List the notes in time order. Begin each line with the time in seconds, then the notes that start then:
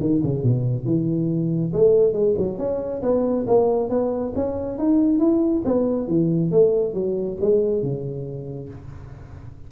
0.00 D#3
0.23 C#3
0.43 B2
0.85 E3
1.73 A3
2.13 G#3
2.38 F#3
2.58 C#4
3.02 B3
3.47 A#3
3.89 B3
4.35 C#4
4.78 D#4
5.19 E4
5.65 B3
6.08 E3
6.51 A3
6.94 F#3
7.41 G#3
7.82 C#3